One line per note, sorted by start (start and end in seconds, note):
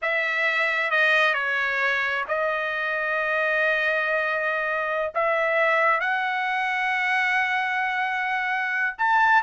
0.01 0.90 E5
0.90 1.33 D#5
1.33 2.24 C#5
2.27 5.12 D#5
5.14 6.00 E5
6.00 8.95 F#5
8.98 9.42 A5